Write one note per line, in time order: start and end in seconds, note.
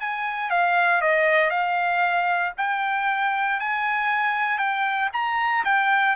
0.00 0.50 G#5
0.50 1.01 F5
1.01 1.50 D#5
1.50 2.52 F5
2.57 3.60 G5
3.60 4.58 G#5
4.58 5.10 G5
5.13 5.64 A#5
5.65 6.16 G5